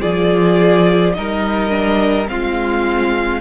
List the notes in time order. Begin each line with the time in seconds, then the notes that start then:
0.00 F3 F4 G#4 D5
1.14 G3 D#4 A#4 D#5
1.70 D4
2.27 G#3 C4 F4 F5